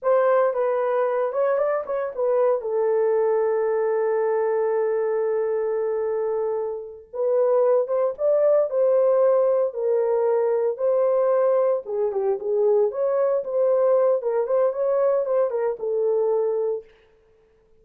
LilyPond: \new Staff \with { instrumentName = "horn" } { \time 4/4 \tempo 4 = 114 c''4 b'4. cis''8 d''8 cis''8 | b'4 a'2.~ | a'1~ | a'4. b'4. c''8 d''8~ |
d''8 c''2 ais'4.~ | ais'8 c''2 gis'8 g'8 gis'8~ | gis'8 cis''4 c''4. ais'8 c''8 | cis''4 c''8 ais'8 a'2 | }